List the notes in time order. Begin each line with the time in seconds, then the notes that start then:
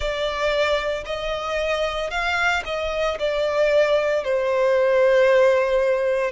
0.00 D5
1.05 D#5
2.10 F5
2.65 D#5
3.19 D5
4.23 C5